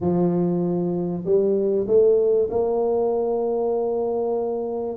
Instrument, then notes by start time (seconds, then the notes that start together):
tuba
0.00 F3
1.25 G3
1.87 A3
2.50 A#3